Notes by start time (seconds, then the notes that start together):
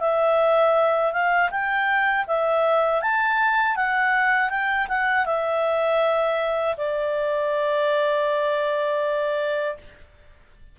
0.00 E5
1.12 F5
1.51 G5
2.27 E5
3.02 A5
3.76 F#5
4.49 G5
4.89 F#5
5.26 E5
6.77 D5